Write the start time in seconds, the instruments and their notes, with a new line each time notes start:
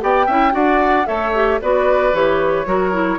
0.00 bassoon B3, clarinet G4, oboe D5, flute G5
0.26 bassoon C#4, clarinet E4, oboe E5
0.51 bassoon D4, clarinet F#4, oboe D5, flute F#5
1.05 bassoon A3, clarinet A4, oboe C#5, flute E5
1.34 clarinet G4
1.61 bassoon B3, clarinet F#4, oboe B4, flute D5
2.13 bassoon E3, clarinet G4, flute C#5
2.66 bassoon F#3, clarinet F#4, oboe A#4
2.92 clarinet E4